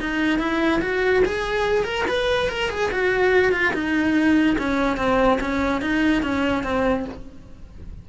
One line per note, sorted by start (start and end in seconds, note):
0.00 0.39 D#4
0.39 0.80 E4
0.81 1.23 F#4
1.25 1.84 G#4
1.84 2.05 A#4
2.08 2.49 B4
2.49 2.70 A#4
2.70 2.91 G#4
2.91 3.52 F#4
3.52 3.73 F4
3.73 4.57 D#4
4.58 4.97 C#4
4.97 5.39 C4
5.40 5.81 C#4
5.81 6.23 D#4
6.23 6.63 C#4
6.63 7.05 C4